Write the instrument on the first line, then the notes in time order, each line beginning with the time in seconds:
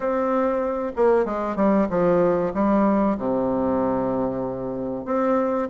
bassoon
0.00 C4
0.96 A#3
1.25 G#3
1.56 G3
1.89 F3
2.54 G3
3.17 C3
5.05 C4